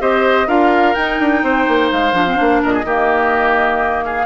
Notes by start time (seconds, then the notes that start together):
0.00 C4 G4 C5 D#5
0.47 D4 F4 A#4 F5
0.94 D#4 G5
1.19 D4
1.43 C4 C5
1.67 A#3
1.91 G#3 F5
2.12 F3 D4
2.26 C4
2.36 A#3 D4
2.62 A#2 A#4 D#5
2.73 G#4
2.84 D#3 A#3 G4
4.04 G#4 F5